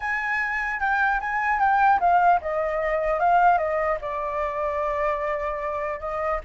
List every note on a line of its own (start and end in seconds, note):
0.00 0.80 G#5
0.80 1.20 G5
1.20 1.59 G#5
1.59 1.99 G5
2.00 2.40 F5
2.41 3.19 D#5
3.19 3.58 F5
3.58 3.98 D#5
4.01 6.00 D5
6.00 6.40 D#5